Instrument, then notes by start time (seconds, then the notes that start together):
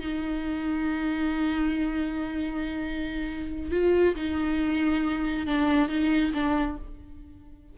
viola
0.00 D#4
3.71 F4
4.16 D#4
5.47 D4
5.89 D#4
6.34 D4